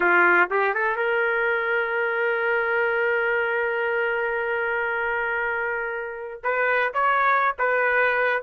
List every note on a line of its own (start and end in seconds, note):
0.00 0.48 F4
0.50 0.74 G4
0.74 0.96 A4
0.96 6.41 A#4
6.43 6.93 B4
6.93 7.55 C#5
7.58 8.43 B4